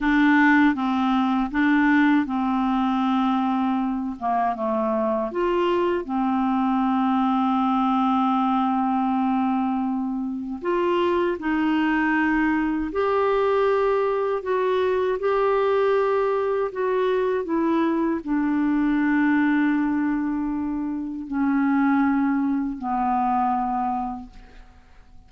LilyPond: \new Staff \with { instrumentName = "clarinet" } { \time 4/4 \tempo 4 = 79 d'4 c'4 d'4 c'4~ | c'4. ais8 a4 f'4 | c'1~ | c'2 f'4 dis'4~ |
dis'4 g'2 fis'4 | g'2 fis'4 e'4 | d'1 | cis'2 b2 | }